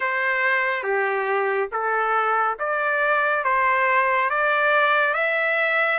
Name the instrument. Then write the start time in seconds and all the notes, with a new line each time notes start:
trumpet
0.00 C5
0.83 G4
1.71 A4
2.59 D5
3.44 C5
4.29 D5
5.14 E5